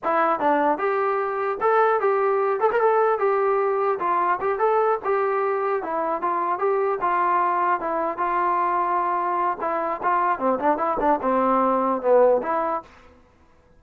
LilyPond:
\new Staff \with { instrumentName = "trombone" } { \time 4/4 \tempo 4 = 150 e'4 d'4 g'2 | a'4 g'4. a'16 ais'16 a'4 | g'2 f'4 g'8 a'8~ | a'8 g'2 e'4 f'8~ |
f'8 g'4 f'2 e'8~ | e'8 f'2.~ f'8 | e'4 f'4 c'8 d'8 e'8 d'8 | c'2 b4 e'4 | }